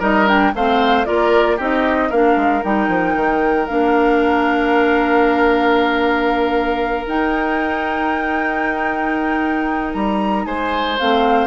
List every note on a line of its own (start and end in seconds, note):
0.00 0.53 G3
0.00 0.27 D#4
0.00 0.52 A#4
0.00 0.28 D#5
0.27 0.53 D4
0.27 0.55 G5
0.55 1.07 A3
0.55 1.06 C4
0.55 1.07 C5
0.55 1.06 F5
1.06 1.59 A#3
1.06 1.58 F4
1.06 1.57 A#4
1.06 1.58 D5
1.57 2.11 C4
1.57 2.12 D#4
1.57 2.09 G4
1.57 2.11 D#5
2.10 2.36 A#3
2.10 2.64 D4
2.10 10.45 A#4
2.10 2.63 F5
2.36 2.62 G#3
2.64 2.88 G3
2.64 3.68 D#4
2.64 3.67 G5
2.88 3.15 F3
3.16 3.68 D#3
3.67 7.07 A#3
3.67 7.07 D4
3.67 7.06 F5
7.07 10.98 D#4
7.07 9.94 D#4
7.07 9.94 G5
9.94 10.46 G3
9.94 10.45 A#5
10.45 10.98 G#3
10.45 11.47 C5
10.45 10.97 G#5
10.99 11.47 A3
10.99 11.47 C4
10.99 11.47 F5